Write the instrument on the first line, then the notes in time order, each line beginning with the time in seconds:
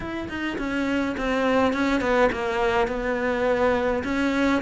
cello
0.00 E4
0.28 D#4
0.57 C#4
1.17 C4
1.73 C#4
2.01 B3
2.32 A#3
2.87 B3
4.04 C#4